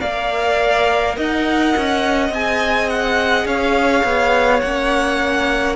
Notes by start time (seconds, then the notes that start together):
0.00 A#3 A#4 D5 F5
1.16 D#4 D#5 F#5
1.76 C#4
2.29 C4 G#4 G#5
2.89 F#5
3.45 C#4 C#5 F5
4.04 B3
4.60 A#3 C#4 F#5